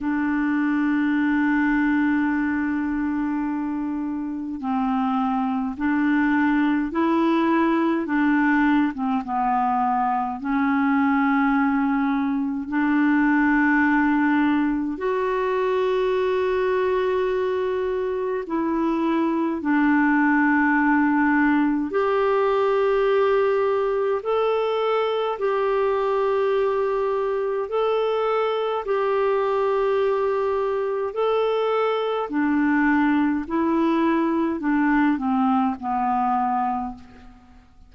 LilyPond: \new Staff \with { instrumentName = "clarinet" } { \time 4/4 \tempo 4 = 52 d'1 | c'4 d'4 e'4 d'8. c'16 | b4 cis'2 d'4~ | d'4 fis'2. |
e'4 d'2 g'4~ | g'4 a'4 g'2 | a'4 g'2 a'4 | d'4 e'4 d'8 c'8 b4 | }